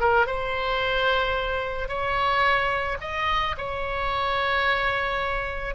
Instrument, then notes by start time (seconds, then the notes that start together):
oboe
0.00 A#4
0.27 C5
1.88 C#5
3.01 D#5
3.58 C#5